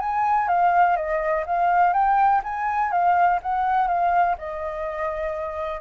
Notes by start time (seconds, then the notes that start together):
0.00 G#5
0.48 F5
0.97 D#5
1.47 F5
1.94 G5
2.44 G#5
2.92 F5
3.43 F#5
3.88 F5
4.38 D#5